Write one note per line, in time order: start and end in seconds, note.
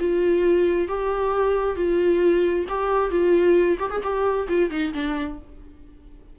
0.00 0.89 F4
0.89 1.76 G4
1.76 2.66 F4
2.69 3.11 G4
3.11 3.78 F4
3.80 3.91 G4
3.91 4.02 G#4
4.03 4.48 G4
4.49 4.71 F4
4.71 4.93 D#4
4.94 5.39 D4